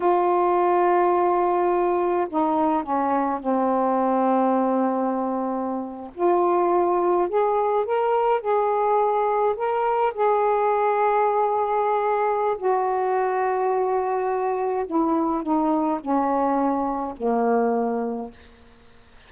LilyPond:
\new Staff \with { instrumentName = "saxophone" } { \time 4/4 \tempo 4 = 105 f'1 | dis'4 cis'4 c'2~ | c'2~ c'8. f'4~ f'16~ | f'8. gis'4 ais'4 gis'4~ gis'16~ |
gis'8. ais'4 gis'2~ gis'16~ | gis'2 fis'2~ | fis'2 e'4 dis'4 | cis'2 ais2 | }